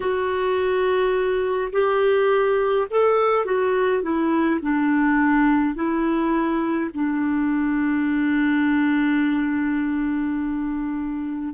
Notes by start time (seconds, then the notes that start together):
0.00 F#4
1.72 G4
2.90 A4
3.45 F#4
4.02 E4
4.62 D4
5.74 E4
6.93 D4